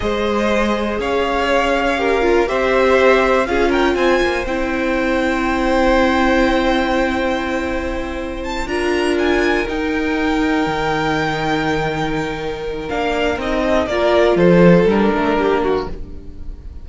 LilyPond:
<<
  \new Staff \with { instrumentName = "violin" } { \time 4/4 \tempo 4 = 121 dis''2 f''2~ | f''4 e''2 f''8 g''8 | gis''4 g''2.~ | g''1~ |
g''4 a''8 ais''4 gis''4 g''8~ | g''1~ | g''2 f''4 dis''4 | d''4 c''4 ais'2 | }
  \new Staff \with { instrumentName = "violin" } { \time 4/4 c''2 cis''2 | ais'4 c''2 gis'8 ais'8 | c''1~ | c''1~ |
c''4. ais'2~ ais'8~ | ais'1~ | ais'2.~ ais'8 a'8 | ais'4 a'2 g'8 fis'8 | }
  \new Staff \with { instrumentName = "viola" } { \time 4/4 gis'1 | g'8 f'8 g'2 f'4~ | f'4 e'2.~ | e'1~ |
e'4. f'2 dis'8~ | dis'1~ | dis'2 d'4 dis'4 | f'2 d'2 | }
  \new Staff \with { instrumentName = "cello" } { \time 4/4 gis2 cis'2~ | cis'4 c'2 cis'4 | c'8 ais8 c'2.~ | c'1~ |
c'4. d'2 dis'8~ | dis'4. dis2~ dis8~ | dis2 ais4 c'4 | ais4 f4 g8 a8 ais4 | }
>>